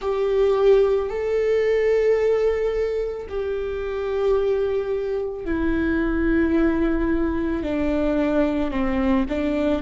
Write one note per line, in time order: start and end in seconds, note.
0.00 1.09 G4
1.09 3.27 A4
3.29 5.44 G4
5.44 7.63 E4
7.63 8.70 D4
8.70 9.25 C4
9.28 9.82 D4